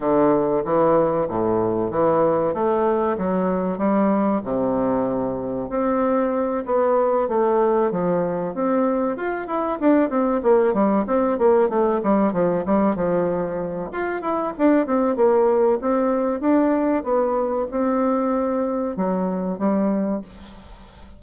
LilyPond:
\new Staff \with { instrumentName = "bassoon" } { \time 4/4 \tempo 4 = 95 d4 e4 a,4 e4 | a4 fis4 g4 c4~ | c4 c'4. b4 a8~ | a8 f4 c'4 f'8 e'8 d'8 |
c'8 ais8 g8 c'8 ais8 a8 g8 f8 | g8 f4. f'8 e'8 d'8 c'8 | ais4 c'4 d'4 b4 | c'2 fis4 g4 | }